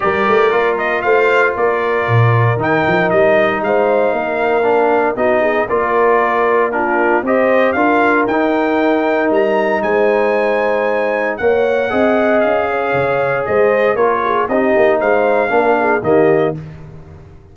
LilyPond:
<<
  \new Staff \with { instrumentName = "trumpet" } { \time 4/4 \tempo 4 = 116 d''4. dis''8 f''4 d''4~ | d''4 g''4 dis''4 f''4~ | f''2 dis''4 d''4~ | d''4 ais'4 dis''4 f''4 |
g''2 ais''4 gis''4~ | gis''2 fis''2 | f''2 dis''4 cis''4 | dis''4 f''2 dis''4 | }
  \new Staff \with { instrumentName = "horn" } { \time 4/4 ais'2 c''4 ais'4~ | ais'2. c''4 | ais'2 fis'8 gis'8 ais'4~ | ais'4 f'4 c''4 ais'4~ |
ais'2. c''4~ | c''2 cis''4 dis''4~ | dis''8 cis''4. c''4 ais'8 gis'8 | g'4 c''4 ais'8 gis'8 g'4 | }
  \new Staff \with { instrumentName = "trombone" } { \time 4/4 g'4 f'2.~ | f'4 dis'2.~ | dis'4 d'4 dis'4 f'4~ | f'4 d'4 g'4 f'4 |
dis'1~ | dis'2 ais'4 gis'4~ | gis'2. f'4 | dis'2 d'4 ais4 | }
  \new Staff \with { instrumentName = "tuba" } { \time 4/4 g8 a8 ais4 a4 ais4 | ais,4 dis8 f8 g4 gis4 | ais2 b4 ais4~ | ais2 c'4 d'4 |
dis'2 g4 gis4~ | gis2 ais4 c'4 | cis'4 cis4 gis4 ais4 | c'8 ais8 gis4 ais4 dis4 | }
>>